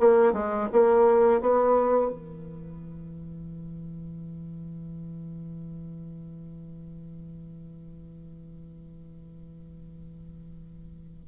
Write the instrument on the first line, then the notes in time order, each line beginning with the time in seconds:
bassoon
0.00 A#3
0.33 G#3
0.72 A#3
1.41 B3
2.11 E3